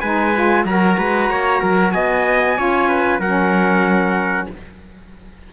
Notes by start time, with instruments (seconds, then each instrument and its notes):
0.00 cello G#3, saxophone D#4, trumpet B4 G#5
0.34 saxophone F4
0.64 cello F#3, saxophone F#4, trumpet A#4 A#5
0.97 cello G#3, trumpet B4
1.29 cello A#3, trumpet C#5
1.60 cello F#3, trumpet A#4
1.91 cello B3, trumpet D#5 G#5
2.56 cello C#4, saxophone F4, trumpet C#5
2.88 trumpet B4
3.19 cello F#3, trumpet A#4 F#5
3.25 saxophone C#4